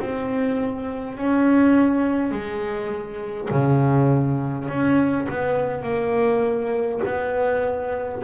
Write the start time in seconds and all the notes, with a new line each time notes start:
0.00 C4
1.18 C#4
2.32 G#3
3.51 C#3
4.69 C#4
5.29 B3
5.83 A#3
7.05 B3